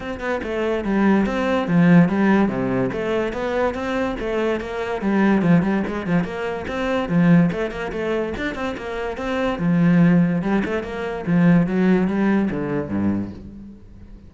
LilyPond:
\new Staff \with { instrumentName = "cello" } { \time 4/4 \tempo 4 = 144 c'8 b8 a4 g4 c'4 | f4 g4 c4 a4 | b4 c'4 a4 ais4 | g4 f8 g8 gis8 f8 ais4 |
c'4 f4 a8 ais8 a4 | d'8 c'8 ais4 c'4 f4~ | f4 g8 a8 ais4 f4 | fis4 g4 d4 g,4 | }